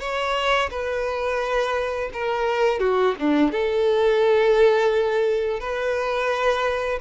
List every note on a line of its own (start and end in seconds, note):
0.00 0.70 C#5
0.70 2.10 B4
2.13 2.80 A#4
2.80 3.15 F#4
3.19 3.51 D4
3.51 5.60 A4
5.60 6.99 B4